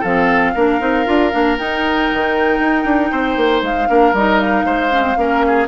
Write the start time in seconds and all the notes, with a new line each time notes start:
0.00 F3 C4 A4 F5
0.54 A#3 D4 A#4
0.79 C4 D#4
1.05 D4 F4
1.31 A#3 D4
1.58 D#4 G5
2.13 D#3
2.59 D#4
2.84 D4
3.11 C4 C5
3.36 A#3
3.62 G#3 F5
3.88 A#3 D4 A#4
4.13 G3 D#4 D#5
4.40 F5
4.65 G#3 C5
4.91 C#4
5.02 C4
5.17 A#3 C#4 A#4
5.47 G#4